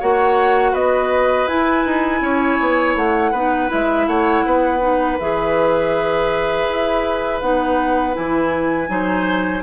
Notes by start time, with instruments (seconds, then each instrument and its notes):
0.00 bassoon A#3, clarinet F#4, oboe C#5, flute F#5
0.72 bassoon B3, oboe B4, flute D#5
1.48 bassoon E4, clarinet E4, flute G#5
1.86 bassoon D#4
2.21 bassoon C#4, oboe C#5
2.60 bassoon B3
2.96 bassoon A3, flute F#5
3.32 bassoon B3, clarinet D#4, oboe B4
3.69 bassoon G#3, clarinet E4, flute E5
4.07 bassoon A3, oboe C#5, flute F#5
4.46 bassoon B3, oboe B4
4.81 clarinet D#4
5.19 bassoon E3, clarinet G#4, flute E5
6.69 bassoon E4
7.41 bassoon B3, clarinet D#4, flute F#5
8.14 bassoon E3, clarinet E4, flute G#5
8.88 bassoon F#3, clarinet D#4, oboe C5